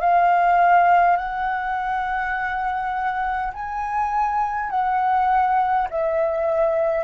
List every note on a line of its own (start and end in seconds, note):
0.00 1.17 F5
1.17 3.52 F#5
3.53 4.70 G#5
4.70 5.88 F#5
5.90 7.04 E5